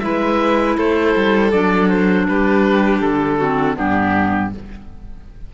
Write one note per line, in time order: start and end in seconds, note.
0.00 0.78 G#3
0.00 1.52 E4
0.00 0.77 B4
0.00 0.75 E5
0.77 1.16 A3
0.77 2.27 A4
0.77 1.52 C5
1.16 1.53 G3
1.52 2.28 F#3
1.52 3.40 D4
1.52 1.89 D5
1.89 2.27 C5
2.28 3.02 G3
2.28 3.39 G4
2.28 3.01 B4
3.01 3.77 D3
3.01 3.76 A4
3.39 3.75 C4
3.39 3.76 F#4
3.75 4.54 G2
3.75 4.50 B3
3.75 4.51 D4
3.75 4.54 G4